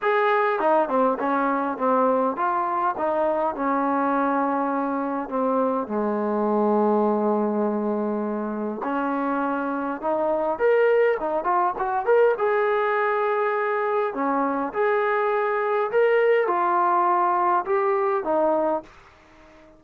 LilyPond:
\new Staff \with { instrumentName = "trombone" } { \time 4/4 \tempo 4 = 102 gis'4 dis'8 c'8 cis'4 c'4 | f'4 dis'4 cis'2~ | cis'4 c'4 gis2~ | gis2. cis'4~ |
cis'4 dis'4 ais'4 dis'8 f'8 | fis'8 ais'8 gis'2. | cis'4 gis'2 ais'4 | f'2 g'4 dis'4 | }